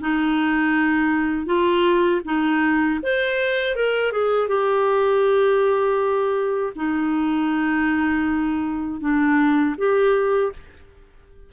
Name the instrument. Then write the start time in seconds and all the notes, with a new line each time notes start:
clarinet
0.00 D#4
1.46 F4
2.25 D#4
3.02 C5
3.75 A#4
4.12 G#4
4.48 G4
6.75 D#4
9.00 D4
9.77 G4